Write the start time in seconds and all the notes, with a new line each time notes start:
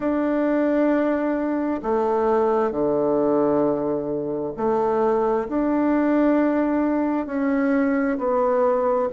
0.00 D4
1.83 A3
2.71 D3
4.56 A3
5.48 D4
7.26 C#4
8.17 B3